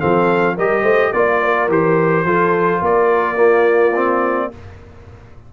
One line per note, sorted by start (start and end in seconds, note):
0.00 0.58 F3
0.00 0.56 C4
0.00 0.56 A4
0.00 0.56 F5
0.56 0.83 G3
0.56 1.14 G4
0.56 0.82 A#4
0.56 1.13 D#5
0.82 1.11 A3
0.82 1.11 C5
1.13 1.69 A#3
1.13 1.70 F4
1.13 1.69 D5
1.13 1.43 D5
1.43 2.26 A#4
1.69 2.25 E3
1.69 2.26 G4
1.69 2.84 C5
2.25 2.81 F3
2.25 3.36 F4
2.25 2.82 A4
2.82 4.50 A#3
2.82 3.36 A#4
2.82 4.53 D5
3.36 3.92 A#3
3.36 4.49 F4
3.96 4.52 C4